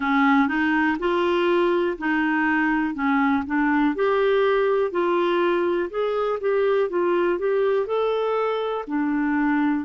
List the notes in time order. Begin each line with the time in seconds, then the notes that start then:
0.00 C#4
0.47 D#4
0.99 F4
1.98 D#4
2.94 C#4
3.46 D4
3.95 G4
4.91 F4
5.90 G#4
6.40 G4
6.89 F4
7.38 G4
7.86 A4
8.87 D4